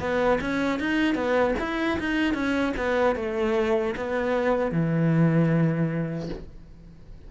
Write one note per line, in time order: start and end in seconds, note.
0.00 0.39 B3
0.41 0.80 C#4
0.80 1.15 D#4
1.15 1.54 B3
1.59 1.99 E4
1.99 2.34 D#4
2.34 2.73 C#4
2.77 3.16 B3
3.16 3.95 A3
3.97 4.72 B3
4.72 6.29 E3